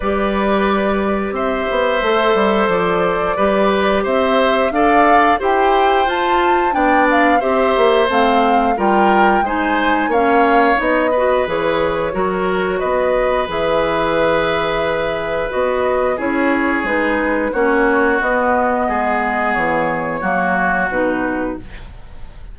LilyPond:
<<
  \new Staff \with { instrumentName = "flute" } { \time 4/4 \tempo 4 = 89 d''2 e''2 | d''2 e''4 f''4 | g''4 a''4 g''8 f''8 e''4 | f''4 g''4 gis''4 f''4 |
dis''4 cis''2 dis''4 | e''2. dis''4 | cis''4 b'4 cis''4 dis''4~ | dis''4 cis''2 b'4 | }
  \new Staff \with { instrumentName = "oboe" } { \time 4/4 b'2 c''2~ | c''4 b'4 c''4 d''4 | c''2 d''4 c''4~ | c''4 ais'4 c''4 cis''4~ |
cis''8 b'4. ais'4 b'4~ | b'1 | gis'2 fis'2 | gis'2 fis'2 | }
  \new Staff \with { instrumentName = "clarinet" } { \time 4/4 g'2. a'4~ | a'4 g'2 a'4 | g'4 f'4 d'4 g'4 | c'4 f'4 dis'4 cis'4 |
dis'8 fis'8 gis'4 fis'2 | gis'2. fis'4 | e'4 dis'4 cis'4 b4~ | b2 ais4 dis'4 | }
  \new Staff \with { instrumentName = "bassoon" } { \time 4/4 g2 c'8 b8 a8 g8 | f4 g4 c'4 d'4 | e'4 f'4 b4 c'8 ais8 | a4 g4 gis4 ais4 |
b4 e4 fis4 b4 | e2. b4 | cis'4 gis4 ais4 b4 | gis4 e4 fis4 b,4 | }
>>